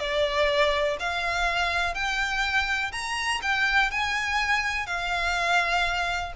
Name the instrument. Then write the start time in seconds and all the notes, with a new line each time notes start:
violin
0.00 D5
1.00 F5
1.94 G5
2.92 A#5
3.42 G5
3.91 G#5
4.86 F5